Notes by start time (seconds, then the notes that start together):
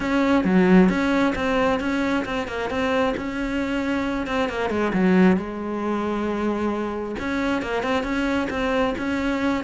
0.00 C#4
0.44 F#3
0.89 C#4
1.35 C4
1.80 C#4
2.25 C4
2.47 A#3
2.69 C4
3.16 C#4
4.27 C4
4.49 A#3
4.69 G#3
4.93 F#3
5.36 G#3
7.19 C#4
7.61 A#3
7.82 C4
8.03 C#4
8.50 C4
8.98 C#4